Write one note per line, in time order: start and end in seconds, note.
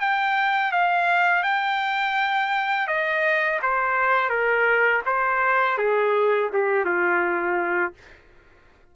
0.00 0.72 G5
0.72 1.43 F5
1.43 2.87 G5
2.87 3.59 D#5
3.62 4.29 C5
4.29 5.02 A#4
5.05 5.78 C5
5.78 6.50 G#4
6.53 6.85 G4
6.85 7.93 F4